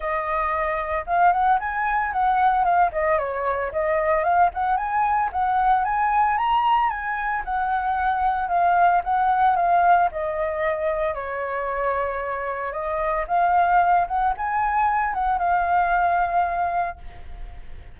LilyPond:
\new Staff \with { instrumentName = "flute" } { \time 4/4 \tempo 4 = 113 dis''2 f''8 fis''8 gis''4 | fis''4 f''8 dis''8 cis''4 dis''4 | f''8 fis''8 gis''4 fis''4 gis''4 | ais''4 gis''4 fis''2 |
f''4 fis''4 f''4 dis''4~ | dis''4 cis''2. | dis''4 f''4. fis''8 gis''4~ | gis''8 fis''8 f''2. | }